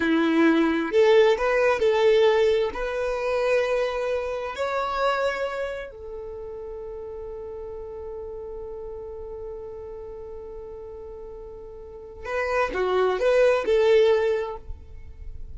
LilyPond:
\new Staff \with { instrumentName = "violin" } { \time 4/4 \tempo 4 = 132 e'2 a'4 b'4 | a'2 b'2~ | b'2 cis''2~ | cis''4 a'2.~ |
a'1~ | a'1~ | a'2. b'4 | fis'4 b'4 a'2 | }